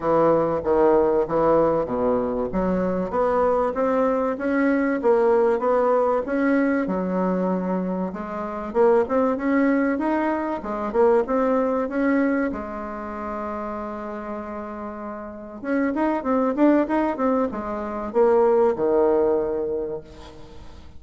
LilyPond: \new Staff \with { instrumentName = "bassoon" } { \time 4/4 \tempo 4 = 96 e4 dis4 e4 b,4 | fis4 b4 c'4 cis'4 | ais4 b4 cis'4 fis4~ | fis4 gis4 ais8 c'8 cis'4 |
dis'4 gis8 ais8 c'4 cis'4 | gis1~ | gis4 cis'8 dis'8 c'8 d'8 dis'8 c'8 | gis4 ais4 dis2 | }